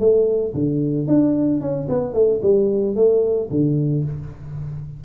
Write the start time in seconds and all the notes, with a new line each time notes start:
0.00 A3
0.54 D3
1.07 D4
1.61 C#4
1.89 B3
2.14 A3
2.43 G3
2.96 A3
3.51 D3